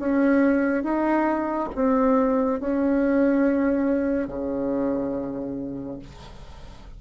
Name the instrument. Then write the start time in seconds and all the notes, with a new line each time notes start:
bassoon
0.00 C#4
0.84 D#4
1.75 C4
2.61 C#4
4.28 C#3